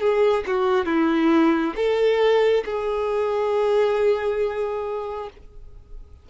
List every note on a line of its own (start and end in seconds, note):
0.00 0.44 G#4
0.47 0.85 F#4
0.85 1.74 E4
1.76 2.64 A4
2.65 5.30 G#4